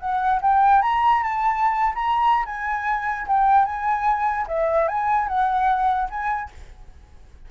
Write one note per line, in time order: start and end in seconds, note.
0.00 0.41 F#5
0.42 0.82 G5
0.82 1.23 A#5
1.23 1.94 A5
1.95 2.46 A#5
2.46 3.27 G#5
3.27 3.65 G5
3.65 4.46 G#5
4.48 4.88 E5
4.88 5.28 G#5
5.28 6.09 F#5
6.10 6.51 G#5